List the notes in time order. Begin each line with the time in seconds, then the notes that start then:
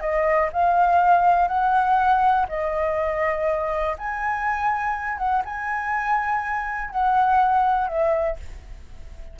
0.00 D#5
0.52 F5
1.48 F#5
2.49 D#5
3.98 G#5
5.18 F#5
5.45 G#5
6.91 F#5
7.87 E5